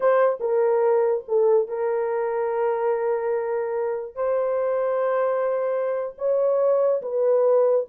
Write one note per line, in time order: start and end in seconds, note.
0.00 0.39 C5
0.40 1.24 A#4
1.28 1.68 A4
1.68 4.15 A#4
4.15 6.14 C5
6.18 7.01 C#5
7.01 7.85 B4